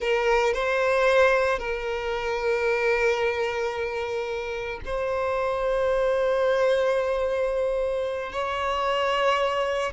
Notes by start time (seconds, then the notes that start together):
0.00 A#4
0.53 C5
1.58 A#4
4.85 C5
8.32 C#5